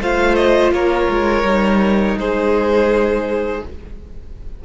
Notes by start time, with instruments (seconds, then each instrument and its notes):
0.00 cello A3, viola F4, violin C5 F5
0.35 violin D#5
0.71 cello A#3, violin A#4 C#5
1.09 cello G#3
1.43 cello G3, viola D#4
2.17 cello G#3, violin G#4 C5